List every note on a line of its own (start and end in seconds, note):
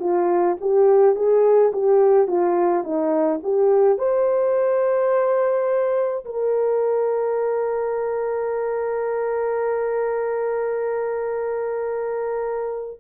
0.00 0.57 F4
0.61 1.15 G4
1.15 1.72 G#4
1.72 2.27 G4
2.27 2.84 F4
2.84 3.40 D#4
3.43 3.98 G4
3.98 6.25 C5
6.25 13.00 A#4